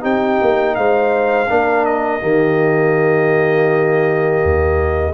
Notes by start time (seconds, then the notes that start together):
0.00 C4 D#4 G4 G5
0.41 A#3
0.75 G#3 C5 F5
1.48 A#3 D4 A#4
1.85 D#5
2.20 D#3 A#3 G4
4.43 D#2